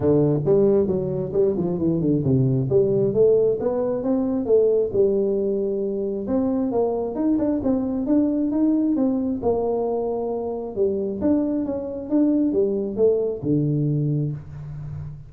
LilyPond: \new Staff \with { instrumentName = "tuba" } { \time 4/4 \tempo 4 = 134 d4 g4 fis4 g8 f8 | e8 d8 c4 g4 a4 | b4 c'4 a4 g4~ | g2 c'4 ais4 |
dis'8 d'8 c'4 d'4 dis'4 | c'4 ais2. | g4 d'4 cis'4 d'4 | g4 a4 d2 | }